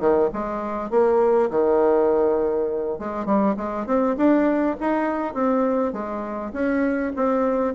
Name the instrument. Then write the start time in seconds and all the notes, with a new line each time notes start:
bassoon
0.00 D#3
0.33 G#3
0.91 A#3
1.50 D#3
2.99 G#3
3.26 G3
3.57 G#3
3.87 C4
4.17 D4
4.81 D#4
5.34 C4
5.93 G#3
6.53 C#4
7.16 C4